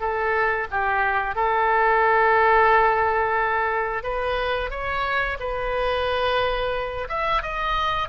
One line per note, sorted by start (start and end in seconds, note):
0.00 0.67 A4
0.71 1.35 G4
1.35 4.03 A4
4.03 4.70 B4
4.70 5.38 C#5
5.40 7.08 B4
7.09 7.42 E5
7.42 8.09 D#5